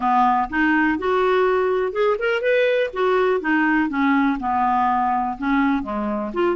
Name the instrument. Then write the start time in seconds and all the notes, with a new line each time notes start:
clarinet
0.00 B3
0.49 D#4
0.98 F#4
1.92 G#4
2.18 A#4
2.41 B4
2.93 F#4
3.40 D#4
3.89 C#4
4.39 B3
5.37 C#4
5.82 G#3
6.33 F4